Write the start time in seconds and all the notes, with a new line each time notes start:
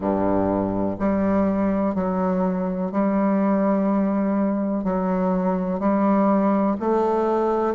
0.00 G2
0.99 G3
1.94 F#3
2.91 G3
4.83 F#3
5.79 G3
6.80 A3